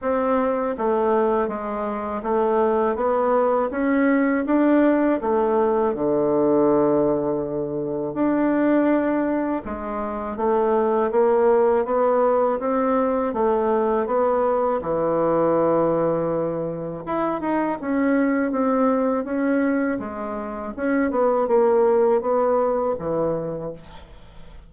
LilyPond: \new Staff \with { instrumentName = "bassoon" } { \time 4/4 \tempo 4 = 81 c'4 a4 gis4 a4 | b4 cis'4 d'4 a4 | d2. d'4~ | d'4 gis4 a4 ais4 |
b4 c'4 a4 b4 | e2. e'8 dis'8 | cis'4 c'4 cis'4 gis4 | cis'8 b8 ais4 b4 e4 | }